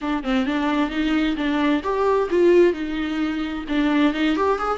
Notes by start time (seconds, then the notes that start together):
0.01 D4
0.23 C4
0.46 D4
0.90 D#4
1.36 D4
1.83 G4
2.30 F4
2.73 D#4
3.68 D4
4.13 D#4
4.36 G4
4.58 G#4